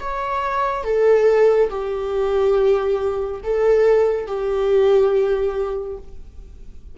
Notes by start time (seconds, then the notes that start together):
0.00 C#5
0.84 A4
1.70 G4
3.44 A4
4.27 G4